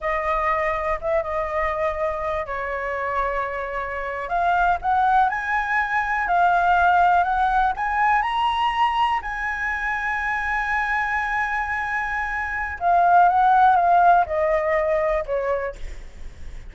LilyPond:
\new Staff \with { instrumentName = "flute" } { \time 4/4 \tempo 4 = 122 dis''2 e''8 dis''4.~ | dis''4 cis''2.~ | cis''8. f''4 fis''4 gis''4~ gis''16~ | gis''8. f''2 fis''4 gis''16~ |
gis''8. ais''2 gis''4~ gis''16~ | gis''1~ | gis''2 f''4 fis''4 | f''4 dis''2 cis''4 | }